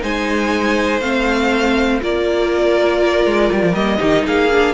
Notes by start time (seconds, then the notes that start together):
0.00 G#3 D#4 C5 G#5
1.00 A3 C4 F5
2.01 A#3 F4 A#4 D5
3.25 G#3
3.52 G3
3.62 F3
3.73 G3 A#3 D#5
3.97 D#3 D#4 G4
4.26 A#3 G#4 F5
4.51 D4